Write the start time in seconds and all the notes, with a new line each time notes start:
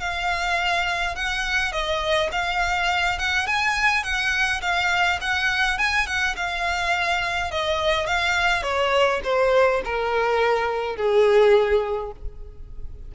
0.00 F5
1.15 F#5
1.72 D#5
2.32 F5
3.18 F#5
3.47 G#5
4.03 F#5
4.62 F5
5.21 F#5
5.78 G#5
6.07 F#5
6.36 F5
7.51 D#5
8.07 F5
8.63 C#5
9.24 C5
9.85 A#4
10.96 G#4